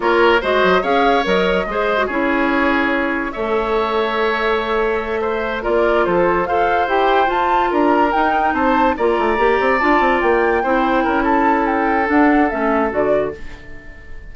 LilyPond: <<
  \new Staff \with { instrumentName = "flute" } { \time 4/4 \tempo 4 = 144 cis''4 dis''4 f''4 dis''4~ | dis''4 cis''2. | e''1~ | e''4. d''4 c''4 f''8~ |
f''8 g''4 a''4 ais''4 g''8~ | g''8 a''4 ais''2 a''8~ | a''8 g''2~ g''8 a''4 | g''4 fis''4 e''4 d''4 | }
  \new Staff \with { instrumentName = "oboe" } { \time 4/4 ais'4 c''4 cis''2 | c''4 gis'2. | cis''1~ | cis''8 c''4 ais'4 a'4 c''8~ |
c''2~ c''8 ais'4.~ | ais'8 c''4 d''2~ d''8~ | d''4. c''4 ais'8 a'4~ | a'1 | }
  \new Staff \with { instrumentName = "clarinet" } { \time 4/4 f'4 fis'4 gis'4 ais'4 | gis'8. fis'16 e'2. | a'1~ | a'4. f'2 a'8~ |
a'8 g'4 f'2 dis'8~ | dis'4. f'4 g'4 f'8~ | f'4. e'2~ e'8~ | e'4 d'4 cis'4 fis'4 | }
  \new Staff \with { instrumentName = "bassoon" } { \time 4/4 ais4 gis8 fis8 cis'4 fis4 | gis4 cis'2. | a1~ | a4. ais4 f4 f'8~ |
f'8 e'4 f'4 d'4 dis'8~ | dis'8 c'4 ais8 a8 ais8 c'8 d'8 | c'8 ais4 c'4 cis'4.~ | cis'4 d'4 a4 d4 | }
>>